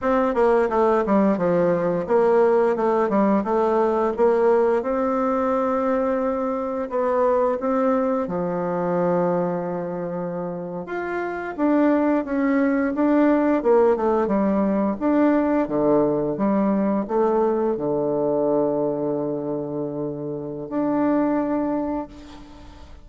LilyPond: \new Staff \with { instrumentName = "bassoon" } { \time 4/4 \tempo 4 = 87 c'8 ais8 a8 g8 f4 ais4 | a8 g8 a4 ais4 c'4~ | c'2 b4 c'4 | f2.~ f8. f'16~ |
f'8. d'4 cis'4 d'4 ais16~ | ais16 a8 g4 d'4 d4 g16~ | g8. a4 d2~ d16~ | d2 d'2 | }